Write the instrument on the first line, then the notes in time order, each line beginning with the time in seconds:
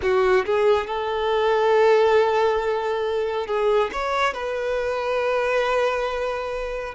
violin
0.02 F#4
0.45 G#4
0.87 A4
3.46 G#4
3.92 C#5
4.33 B4